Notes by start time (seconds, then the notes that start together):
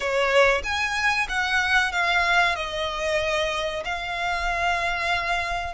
0.00 C#5
0.63 G#5
1.29 F#5
1.91 F5
2.55 D#5
3.84 F5